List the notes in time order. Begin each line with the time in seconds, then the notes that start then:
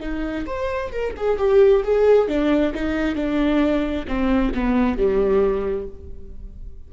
0.00 D#4
0.47 C5
0.92 A#4
1.17 G#4
1.38 G4
1.84 G#4
2.28 D4
2.74 D#4
3.15 D4
4.08 C4
4.54 B3
4.98 G3